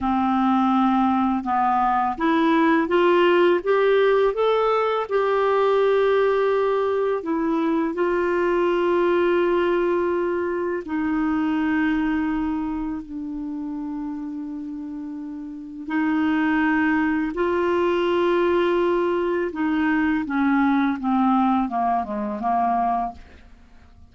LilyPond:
\new Staff \with { instrumentName = "clarinet" } { \time 4/4 \tempo 4 = 83 c'2 b4 e'4 | f'4 g'4 a'4 g'4~ | g'2 e'4 f'4~ | f'2. dis'4~ |
dis'2 d'2~ | d'2 dis'2 | f'2. dis'4 | cis'4 c'4 ais8 gis8 ais4 | }